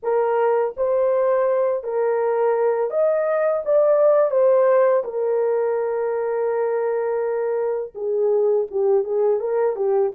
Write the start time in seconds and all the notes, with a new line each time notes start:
0.02 A#4
0.76 C5
1.83 A#4
2.90 D#5
3.65 D5
4.30 C5
5.04 A#4
7.94 G#4
8.70 G4
9.04 G#4
9.40 A#4
9.76 G4